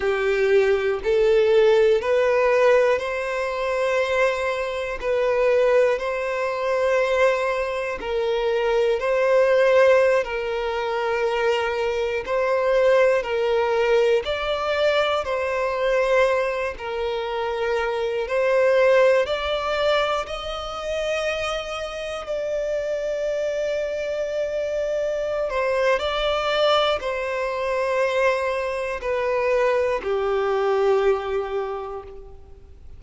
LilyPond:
\new Staff \with { instrumentName = "violin" } { \time 4/4 \tempo 4 = 60 g'4 a'4 b'4 c''4~ | c''4 b'4 c''2 | ais'4 c''4~ c''16 ais'4.~ ais'16~ | ais'16 c''4 ais'4 d''4 c''8.~ |
c''8. ais'4. c''4 d''8.~ | d''16 dis''2 d''4.~ d''16~ | d''4. c''8 d''4 c''4~ | c''4 b'4 g'2 | }